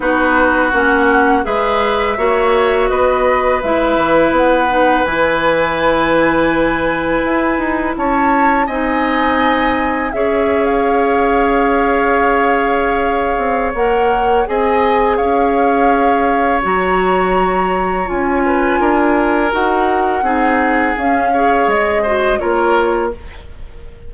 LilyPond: <<
  \new Staff \with { instrumentName = "flute" } { \time 4/4 \tempo 4 = 83 b'4 fis''4 e''2 | dis''4 e''4 fis''4 gis''4~ | gis''2. a''4 | gis''2 e''8. f''4~ f''16~ |
f''2. fis''4 | gis''4 f''2 ais''4~ | ais''4 gis''2 fis''4~ | fis''4 f''4 dis''4 cis''4 | }
  \new Staff \with { instrumentName = "oboe" } { \time 4/4 fis'2 b'4 cis''4 | b'1~ | b'2. cis''4 | dis''2 cis''2~ |
cis''1 | dis''4 cis''2.~ | cis''4. b'8 ais'2 | gis'4. cis''4 c''8 ais'4 | }
  \new Staff \with { instrumentName = "clarinet" } { \time 4/4 dis'4 cis'4 gis'4 fis'4~ | fis'4 e'4. dis'8 e'4~ | e'1 | dis'2 gis'2~ |
gis'2. ais'4 | gis'2. fis'4~ | fis'4 f'2 fis'4 | dis'4 cis'8 gis'4 fis'8 f'4 | }
  \new Staff \with { instrumentName = "bassoon" } { \time 4/4 b4 ais4 gis4 ais4 | b4 gis8 e8 b4 e4~ | e2 e'8 dis'8 cis'4 | c'2 cis'2~ |
cis'2~ cis'8 c'8 ais4 | c'4 cis'2 fis4~ | fis4 cis'4 d'4 dis'4 | c'4 cis'4 gis4 ais4 | }
>>